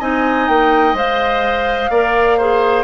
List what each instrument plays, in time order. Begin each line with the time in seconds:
0.00 bassoon C4, clarinet D#4, oboe D#5, flute G#5
0.49 bassoon A#3, flute G5
0.94 bassoon G#3, clarinet C5, flute F5
1.90 bassoon A#3, clarinet A#4, oboe D5
2.38 clarinet G#4, oboe C5